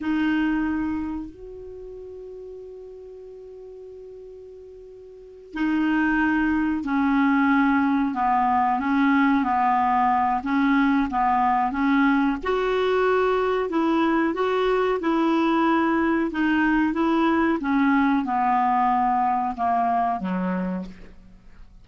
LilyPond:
\new Staff \with { instrumentName = "clarinet" } { \time 4/4 \tempo 4 = 92 dis'2 fis'2~ | fis'1~ | fis'8 dis'2 cis'4.~ | cis'8 b4 cis'4 b4. |
cis'4 b4 cis'4 fis'4~ | fis'4 e'4 fis'4 e'4~ | e'4 dis'4 e'4 cis'4 | b2 ais4 fis4 | }